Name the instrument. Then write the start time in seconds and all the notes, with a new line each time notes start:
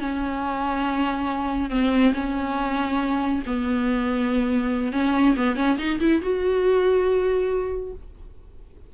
viola
0.00 C#4
1.70 C4
2.14 C#4
3.46 B3
4.92 C#4
5.37 B3
5.56 C#4
5.78 D#4
6.00 E4
6.22 F#4